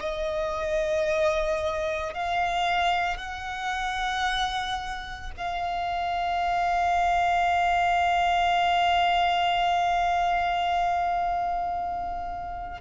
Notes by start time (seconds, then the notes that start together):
0.00 D#5
2.14 F5
3.17 F#5
5.37 F5